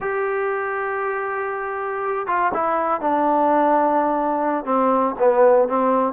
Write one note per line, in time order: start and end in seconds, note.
0.00 2.26 G4
2.26 2.52 F4
2.53 3.00 E4
3.00 4.64 D4
4.64 5.15 C4
5.19 5.68 B3
5.68 6.13 C4